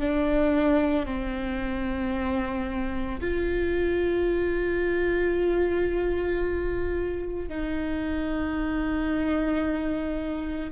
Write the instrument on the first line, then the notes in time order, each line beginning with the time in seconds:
viola
0.00 D4
1.06 C4
3.20 F4
7.49 D#4